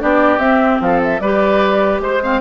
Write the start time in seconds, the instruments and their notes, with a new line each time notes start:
0.00 bassoon B3, clarinet D4, oboe G4, flute D5
0.39 bassoon C4, clarinet C4, flute E5
0.81 bassoon F3, oboe A4, flute F5
1.04 flute E5
1.20 bassoon G3, clarinet G4, oboe B4, flute D5
2.01 bassoon G#3, flute C5, oboe C5
2.23 clarinet C4, oboe F5